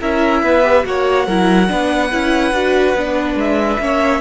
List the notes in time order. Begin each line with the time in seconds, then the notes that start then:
0.00 C#4 E4 A#4 E5
0.43 B3 B4
0.63 G4
0.84 A#3 F#4 C#5 F#5
1.26 F#3 E4 A#4
1.68 B3 D4 B4
2.12 C#4 E4
2.52 D4 F#4
2.95 B3 D4
3.35 G#3 E5
3.79 A#3 C#4 C#5